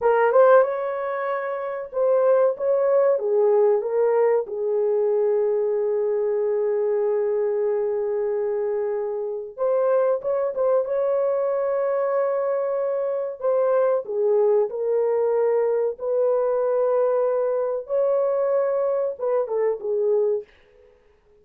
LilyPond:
\new Staff \with { instrumentName = "horn" } { \time 4/4 \tempo 4 = 94 ais'8 c''8 cis''2 c''4 | cis''4 gis'4 ais'4 gis'4~ | gis'1~ | gis'2. c''4 |
cis''8 c''8 cis''2.~ | cis''4 c''4 gis'4 ais'4~ | ais'4 b'2. | cis''2 b'8 a'8 gis'4 | }